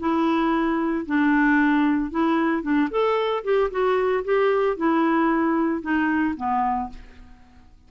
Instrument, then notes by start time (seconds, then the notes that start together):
clarinet
0.00 E4
1.07 D4
2.11 E4
2.63 D4
2.91 A4
3.45 G4
3.71 F#4
4.25 G4
4.77 E4
5.82 D#4
6.37 B3